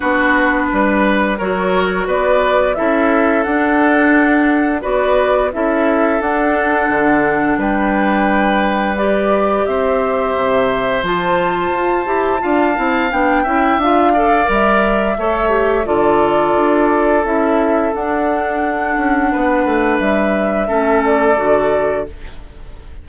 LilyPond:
<<
  \new Staff \with { instrumentName = "flute" } { \time 4/4 \tempo 4 = 87 b'2 cis''4 d''4 | e''4 fis''2 d''4 | e''4 fis''2 g''4~ | g''4 d''4 e''2 |
a''2. g''4 | f''4 e''2 d''4~ | d''4 e''4 fis''2~ | fis''4 e''4. d''4. | }
  \new Staff \with { instrumentName = "oboe" } { \time 4/4 fis'4 b'4 ais'4 b'4 | a'2. b'4 | a'2. b'4~ | b'2 c''2~ |
c''2 f''4. e''8~ | e''8 d''4. cis''4 a'4~ | a'1 | b'2 a'2 | }
  \new Staff \with { instrumentName = "clarinet" } { \time 4/4 d'2 fis'2 | e'4 d'2 fis'4 | e'4 d'2.~ | d'4 g'2. |
f'4. g'8 f'8 e'8 d'8 e'8 | f'8 a'8 ais'4 a'8 g'8 f'4~ | f'4 e'4 d'2~ | d'2 cis'4 fis'4 | }
  \new Staff \with { instrumentName = "bassoon" } { \time 4/4 b4 g4 fis4 b4 | cis'4 d'2 b4 | cis'4 d'4 d4 g4~ | g2 c'4 c4 |
f4 f'8 e'8 d'8 c'8 b8 cis'8 | d'4 g4 a4 d4 | d'4 cis'4 d'4. cis'8 | b8 a8 g4 a4 d4 | }
>>